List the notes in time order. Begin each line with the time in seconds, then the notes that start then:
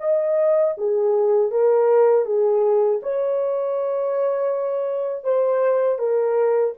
0.00 D#5
0.78 G#4
1.51 A#4
2.26 G#4
3.03 C#5
5.24 C5
5.99 A#4